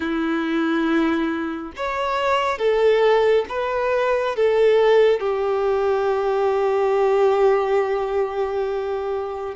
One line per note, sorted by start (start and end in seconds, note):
0.00 1.72 E4
1.76 2.58 C#5
2.58 3.45 A4
3.49 4.36 B4
4.36 5.20 A4
5.20 9.55 G4